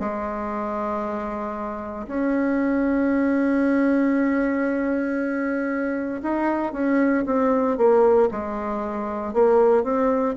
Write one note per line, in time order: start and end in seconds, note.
0.00 2.07 G#3
2.07 6.21 C#4
6.23 6.73 D#4
6.73 7.25 C#4
7.26 7.77 C4
7.77 8.29 A#3
8.31 9.34 G#3
9.34 9.84 A#3
9.84 10.35 C4